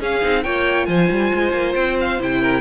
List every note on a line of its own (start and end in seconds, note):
0.00 0.22 C#4
0.00 0.44 G#4
0.00 0.44 F5
0.22 0.46 C4
0.22 0.44 D#4
0.44 0.88 A#3
0.44 2.20 F4
0.44 0.88 C#5
0.44 0.86 G5
0.86 1.10 F3
0.86 2.42 C5
0.86 1.74 G#5
1.11 1.33 G3
1.34 1.53 G#3
1.53 1.75 A#3
1.76 2.20 C4
1.76 1.98 G5
2.01 2.23 F5
2.20 2.61 C3
2.20 2.61 E4
2.20 2.61 G5
2.42 2.61 A#4